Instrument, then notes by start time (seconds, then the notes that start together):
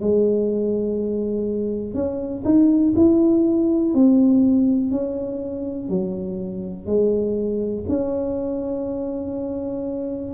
tuba
0.00 G#3
1.94 C#4
2.44 D#4
2.96 E4
3.94 C4
4.91 C#4
5.89 F#3
6.86 G#3
7.88 C#4